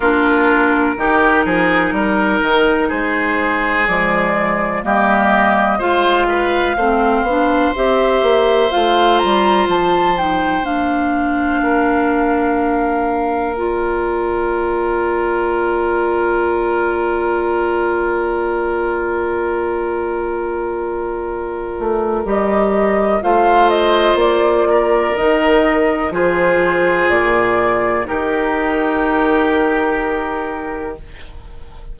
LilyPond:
<<
  \new Staff \with { instrumentName = "flute" } { \time 4/4 \tempo 4 = 62 ais'2. c''4 | d''4 dis''4 f''2 | e''4 f''8 ais''8 a''8 g''8 f''4~ | f''2 d''2~ |
d''1~ | d''2. dis''4 | f''8 dis''8 d''4 dis''4 c''4 | d''4 ais'2. | }
  \new Staff \with { instrumentName = "oboe" } { \time 4/4 f'4 g'8 gis'8 ais'4 gis'4~ | gis'4 g'4 c''8 b'8 c''4~ | c''1 | ais'1~ |
ais'1~ | ais'1 | c''4. ais'4. gis'4~ | gis'4 g'2. | }
  \new Staff \with { instrumentName = "clarinet" } { \time 4/4 d'4 dis'2. | gis4 ais4 f'4 c'8 d'8 | g'4 f'4. dis'8 d'4~ | d'2 f'2~ |
f'1~ | f'2. g'4 | f'2 dis'4 f'4~ | f'4 dis'2. | }
  \new Staff \with { instrumentName = "bassoon" } { \time 4/4 ais4 dis8 f8 g8 dis8 gis4 | f4 g4 gis4 a8 b8 | c'8 ais8 a8 g8 f4 ais4~ | ais1~ |
ais1~ | ais2~ ais8 a8 g4 | a4 ais4 dis4 f4 | ais,4 dis2. | }
>>